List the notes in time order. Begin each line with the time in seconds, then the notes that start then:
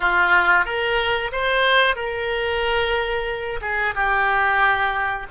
0.00 F4
0.65 A#4
1.32 C5
1.95 A#4
3.61 G#4
3.94 G4